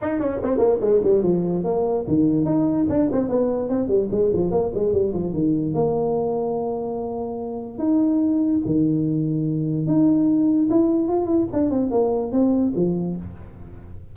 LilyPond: \new Staff \with { instrumentName = "tuba" } { \time 4/4 \tempo 4 = 146 dis'8 cis'8 c'8 ais8 gis8 g8 f4 | ais4 dis4 dis'4 d'8 c'8 | b4 c'8 g8 gis8 f8 ais8 gis8 | g8 f8 dis4 ais2~ |
ais2. dis'4~ | dis'4 dis2. | dis'2 e'4 f'8 e'8 | d'8 c'8 ais4 c'4 f4 | }